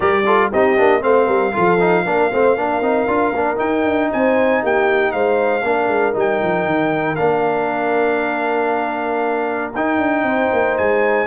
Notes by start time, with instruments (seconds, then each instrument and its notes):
0.00 tuba G3, trombone G4, horn A#4, trumpet D5
0.25 trombone F4, horn A4
0.50 tuba C4, trombone D#4, horn G4, trumpet D#5
0.77 tuba A#3, trombone D4
1.00 tuba A3, trombone C4, horn C5, trumpet F5
1.26 tuba G3, horn A#4
1.52 tuba F3, trombone F4, horn A4
1.80 trombone D#4
2.04 tuba A#3, trombone D4, horn A#4
2.31 tuba A3, trombone C4, horn C5
2.55 tuba A#3, trombone D4, horn A#4
2.80 tuba C4, trombone D#4
3.07 tuba D4, trombone F4
3.30 tuba A#3, trombone D4
3.56 trombone D#4, tuba D#4, trumpet G5
3.84 tuba D4
4.11 tuba C4, horn C5, trumpet G#5
4.62 tuba A#3, horn G4, trumpet G5
5.11 tuba G#3, horn C5, trumpet F5
5.63 tuba A#3, trombone D4, horn A#4
5.87 tuba G#3
6.13 tuba G3, trombone D#4, trumpet G5
6.42 tuba F3
6.65 tuba D#3
7.15 tuba A#3, trombone D4, trumpet F5
9.75 tuba D#4, trombone D#4, trumpet G5
9.98 tuba D4
10.23 tuba C4, horn C5
10.52 tuba A#3
10.77 tuba G#3, trumpet G#5